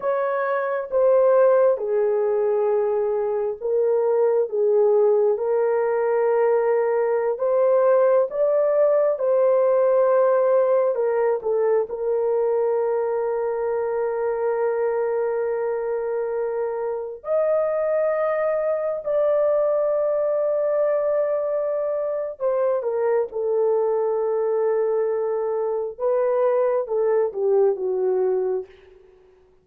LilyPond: \new Staff \with { instrumentName = "horn" } { \time 4/4 \tempo 4 = 67 cis''4 c''4 gis'2 | ais'4 gis'4 ais'2~ | ais'16 c''4 d''4 c''4.~ c''16~ | c''16 ais'8 a'8 ais'2~ ais'8.~ |
ais'2.~ ais'16 dis''8.~ | dis''4~ dis''16 d''2~ d''8.~ | d''4 c''8 ais'8 a'2~ | a'4 b'4 a'8 g'8 fis'4 | }